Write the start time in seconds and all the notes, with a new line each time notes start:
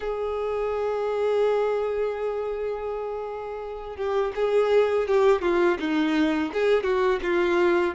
0.00 G#4
3.96 G4
4.35 G#4
5.07 G4
5.41 F4
5.79 D#4
6.53 G#4
6.83 F#4
7.22 F4